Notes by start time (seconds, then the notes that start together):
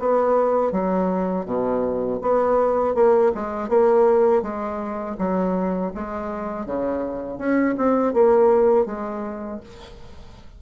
0.00 B3
0.72 F#3
1.46 B2
2.22 B3
2.95 A#3
3.35 G#3
3.69 A#3
4.42 G#3
5.19 F#3
5.95 G#3
6.66 C#3
7.39 C#4
7.78 C4
8.14 A#3
8.87 G#3